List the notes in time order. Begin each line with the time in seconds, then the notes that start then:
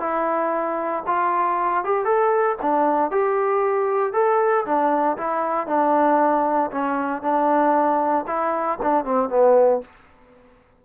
0.00 E4
1.07 F4
1.85 G4
2.05 A4
2.62 D4
3.11 G4
4.13 A4
4.66 D4
5.17 E4
5.67 D4
6.71 C#4
7.22 D4
8.27 E4
8.83 D4
9.05 C4
9.30 B3